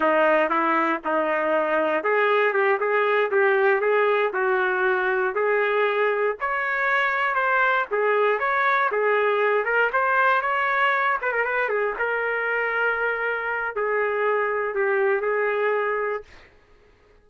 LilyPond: \new Staff \with { instrumentName = "trumpet" } { \time 4/4 \tempo 4 = 118 dis'4 e'4 dis'2 | gis'4 g'8 gis'4 g'4 gis'8~ | gis'8 fis'2 gis'4.~ | gis'8 cis''2 c''4 gis'8~ |
gis'8 cis''4 gis'4. ais'8 c''8~ | c''8 cis''4. b'16 ais'16 b'8 gis'8 ais'8~ | ais'2. gis'4~ | gis'4 g'4 gis'2 | }